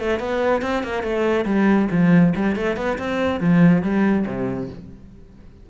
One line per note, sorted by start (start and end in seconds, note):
0.00 0.20 A3
0.20 0.62 B3
0.62 0.84 C4
0.84 1.03 A#3
1.03 1.46 A3
1.46 1.89 G3
1.91 2.34 F3
2.36 2.56 G3
2.56 2.77 A3
2.77 2.98 B3
2.99 3.41 C4
3.41 3.83 F3
3.83 4.26 G3
4.27 4.70 C3